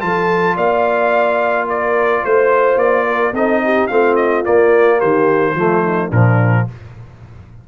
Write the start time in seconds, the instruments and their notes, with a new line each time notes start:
0.00 tuba F3, trombone F4, horn A4, trumpet A5
0.55 tuba A#3, horn D5, trumpet F5
1.67 horn A#4, trumpet D5
2.23 tuba A3, horn C5, trumpet C5
2.76 tuba A#3, trumpet D5
3.07 horn A#4
3.32 tuba C4, trombone D#4, horn A4, trumpet D#5
3.64 horn G4
3.87 tuba A3, trombone C4, horn F4, trumpet F5
4.16 trumpet D#5
4.45 trombone A#3, tuba A#3, trumpet D5
4.98 tuba D#3, horn G4, trumpet C5
5.54 tuba F3, trombone A3, horn F4
5.84 horn D#4
6.09 tuba A#2, trombone F3, horn D4, trumpet A#4